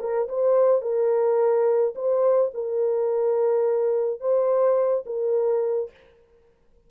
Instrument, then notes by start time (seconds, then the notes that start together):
horn
0.00 A#4
0.29 C5
0.82 A#4
1.95 C5
2.54 A#4
4.21 C5
5.06 A#4